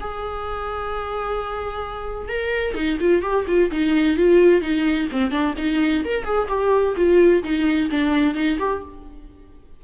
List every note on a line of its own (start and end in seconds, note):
0.00 2.29 G#4
2.29 2.74 A#4
2.74 2.98 D#4
3.00 3.22 F4
3.22 3.45 G4
3.47 3.70 F4
3.71 4.17 D#4
4.17 4.61 F4
4.61 5.08 D#4
5.12 5.31 C4
5.31 5.54 D4
5.57 6.04 D#4
6.04 6.24 A#4
6.24 6.48 G#4
6.48 6.95 G4
6.96 7.43 F4
7.43 7.90 D#4
7.91 8.34 D4
8.34 8.58 D#4
8.59 8.82 G4